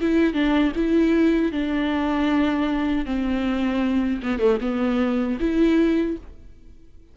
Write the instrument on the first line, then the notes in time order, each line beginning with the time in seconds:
viola
0.00 E4
0.33 D4
0.76 E4
1.52 D4
3.05 C4
4.22 B3
4.39 A3
4.60 B3
5.40 E4